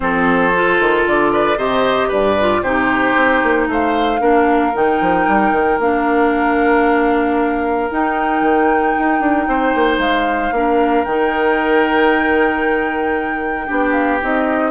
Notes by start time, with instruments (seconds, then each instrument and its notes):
0.00 bassoon F3, clarinet C4, oboe A4, flute C5
0.54 clarinet F4
0.80 bassoon D#3
1.06 bassoon D3, flute D5
1.32 oboe B4
1.57 bassoon C3, clarinet G4, oboe C5, flute D#5
2.08 bassoon G2, oboe B4, flute D5
2.40 clarinet F4
2.62 bassoon C3, clarinet D#4, oboe G4, flute C5
3.16 bassoon C4
3.42 bassoon A#3
3.67 bassoon A3, oboe C5, flute F5
4.19 bassoon A#3, clarinet D4, oboe A#4
4.74 bassoon D#3, clarinet D#4, flute G5
5.00 bassoon F3
5.27 bassoon G3
5.51 bassoon D#3
5.78 bassoon A#3, clarinet D4, flute F5
7.90 clarinet D#4, bassoon D#4, flute G5
8.41 bassoon D#3
8.98 bassoon D#4
9.20 bassoon D4
9.47 bassoon C4, oboe C5
9.74 bassoon A#3
9.98 bassoon G#3, flute F5
10.51 bassoon A#3, clarinet D4, oboe A#4
11.04 bassoon D#3, clarinet D#4, flute G5
13.66 bassoon B3, clarinet D4, oboe G4
13.92 flute F5
14.21 bassoon C4, clarinet D#4, flute D#5